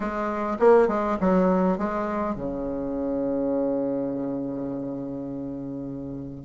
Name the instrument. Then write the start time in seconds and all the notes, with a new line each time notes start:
bassoon
0.00 G#3
0.59 A#3
0.88 G#3
1.20 F#3
1.78 G#3
2.35 C#3